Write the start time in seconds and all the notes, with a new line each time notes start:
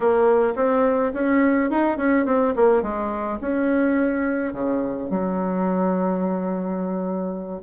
0.00 A#3
0.55 C4
1.13 C#4
1.70 D#4
1.97 C#4
2.25 C4
2.55 A#3
2.82 G#3
3.41 C#4
4.53 C#3
5.10 F#3